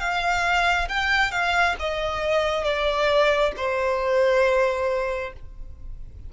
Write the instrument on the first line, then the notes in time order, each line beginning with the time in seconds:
violin
0.00 F5
0.89 G5
1.32 F5
1.79 D#5
2.64 D5
3.57 C5